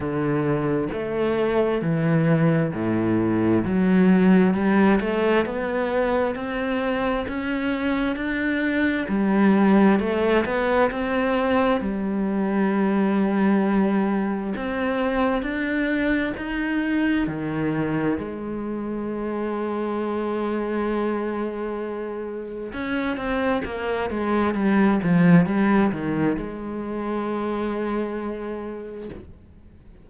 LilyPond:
\new Staff \with { instrumentName = "cello" } { \time 4/4 \tempo 4 = 66 d4 a4 e4 a,4 | fis4 g8 a8 b4 c'4 | cis'4 d'4 g4 a8 b8 | c'4 g2. |
c'4 d'4 dis'4 dis4 | gis1~ | gis4 cis'8 c'8 ais8 gis8 g8 f8 | g8 dis8 gis2. | }